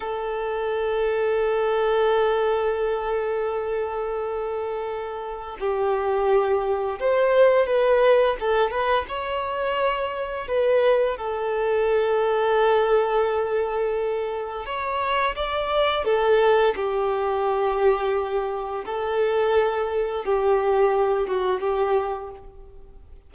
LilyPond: \new Staff \with { instrumentName = "violin" } { \time 4/4 \tempo 4 = 86 a'1~ | a'1 | g'2 c''4 b'4 | a'8 b'8 cis''2 b'4 |
a'1~ | a'4 cis''4 d''4 a'4 | g'2. a'4~ | a'4 g'4. fis'8 g'4 | }